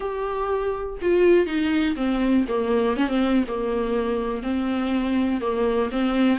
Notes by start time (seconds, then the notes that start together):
0.00 G4
1.01 F4
1.46 D#4
1.96 C4
2.48 A#3
2.96 C#4
3.07 C4
3.47 A#3
4.42 C4
5.40 A#3
5.91 C4